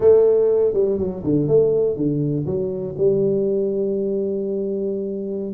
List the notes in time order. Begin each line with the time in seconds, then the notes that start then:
0.00 A3
0.73 G3
0.98 F#3
1.23 D3
1.47 A3
1.96 D3
2.46 F#3
2.97 G3